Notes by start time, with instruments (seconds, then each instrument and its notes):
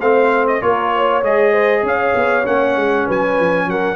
0.00 tuba A3, trombone C4, horn C5, trumpet F5
0.47 trumpet D#5
0.61 tuba A#3, trombone F4, horn A#4, trumpet C#5
0.93 horn C#5
1.22 tuba G#3, trombone G#4, trumpet D#5
1.52 horn C5
1.82 tuba C#4, horn C#5, trumpet F5
2.15 tuba B3
2.44 tuba A#3, trombone C#4, trumpet F#5
2.76 tuba G#3
3.05 tuba F#3, horn B4, trumpet G#5
3.39 tuba F3
3.66 tuba F#3, horn A#4, trumpet F#5